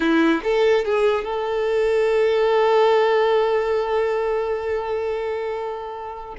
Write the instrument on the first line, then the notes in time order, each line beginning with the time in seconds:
violin
0.00 E4
0.43 A4
0.85 G#4
1.24 A4